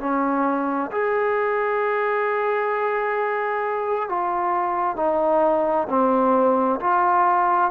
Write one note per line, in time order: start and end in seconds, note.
0.00 0.91 C#4
0.91 4.09 G#4
4.09 4.97 F4
4.97 5.88 D#4
5.89 6.80 C4
6.81 7.71 F4